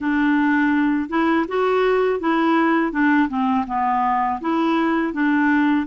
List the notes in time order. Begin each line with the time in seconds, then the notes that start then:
0.00 D4
1.09 E4
1.48 F#4
2.20 E4
2.91 D4
3.28 C4
3.67 B3
4.40 E4
5.13 D4